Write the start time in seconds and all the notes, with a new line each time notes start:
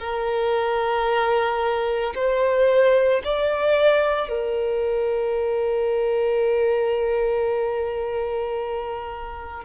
0.00 A#4
2.15 C5
3.24 D5
4.29 A#4